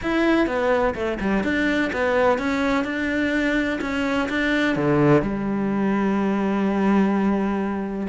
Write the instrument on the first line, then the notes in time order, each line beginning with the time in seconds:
cello
0.02 E4
0.47 B3
0.94 A3
1.20 G3
1.43 D4
1.92 B3
2.38 C#4
2.84 D4
3.81 C#4
4.29 D4
4.76 D3
5.21 G3